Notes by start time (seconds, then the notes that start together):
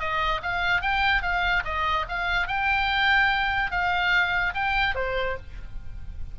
0.00 D#5
0.43 F5
0.82 G5
1.22 F5
1.65 D#5
2.09 F5
2.48 G5
3.71 F5
4.54 G5
4.95 C5